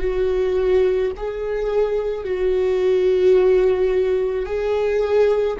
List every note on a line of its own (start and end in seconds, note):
0.00 1.11 F#4
1.17 2.25 G#4
2.25 4.46 F#4
4.46 5.57 G#4